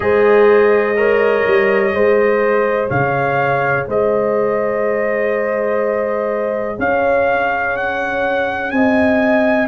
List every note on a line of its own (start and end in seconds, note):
0.00 1.43 G#3
0.00 0.95 G#4
0.00 0.98 C5
0.00 2.89 D#5
0.96 1.91 A#4
0.96 1.94 C#5
1.46 1.93 G3
1.91 2.90 G#3
1.91 9.65 G#4
1.91 2.88 C5
2.88 3.87 C#3
2.88 3.85 C#5
2.88 3.86 F5
3.87 6.77 G#3
3.87 6.78 C5
3.87 6.79 D#5
6.78 8.72 C#4
6.78 8.72 C#5
6.78 7.76 F5
7.76 8.70 F#5
8.70 9.67 C4
8.70 9.67 D#5
8.70 9.67 G#5